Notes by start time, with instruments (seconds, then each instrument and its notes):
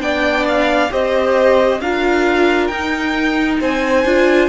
0.00 cello B3, viola D4, violin D5 G5
0.48 violin F5
0.90 cello C4, viola G4, violin C5 D#5
1.81 cello D4, viola F4, violin A#4 F5
2.67 cello D#4, viola D#4, violin G5
3.60 cello C4, violin C5 G#5
4.05 cello D4, viola F4